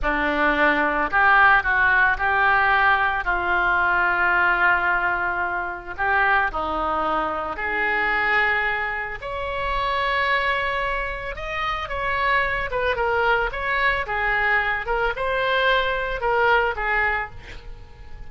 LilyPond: \new Staff \with { instrumentName = "oboe" } { \time 4/4 \tempo 4 = 111 d'2 g'4 fis'4 | g'2 f'2~ | f'2. g'4 | dis'2 gis'2~ |
gis'4 cis''2.~ | cis''4 dis''4 cis''4. b'8 | ais'4 cis''4 gis'4. ais'8 | c''2 ais'4 gis'4 | }